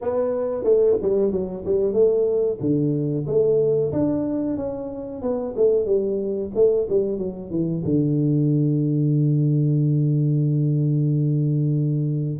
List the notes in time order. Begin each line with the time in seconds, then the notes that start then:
0.01 B3
0.63 A3
1.02 G3
1.31 F#3
1.65 G3
1.93 A3
2.60 D3
3.26 A3
3.92 D4
4.56 C#4
5.22 B3
5.56 A3
5.85 G3
6.54 A3
6.89 G3
7.17 F#3
7.50 E3
7.84 D3